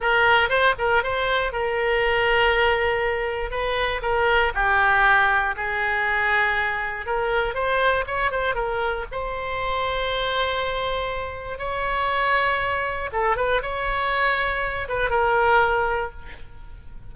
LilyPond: \new Staff \with { instrumentName = "oboe" } { \time 4/4 \tempo 4 = 119 ais'4 c''8 ais'8 c''4 ais'4~ | ais'2. b'4 | ais'4 g'2 gis'4~ | gis'2 ais'4 c''4 |
cis''8 c''8 ais'4 c''2~ | c''2. cis''4~ | cis''2 a'8 b'8 cis''4~ | cis''4. b'8 ais'2 | }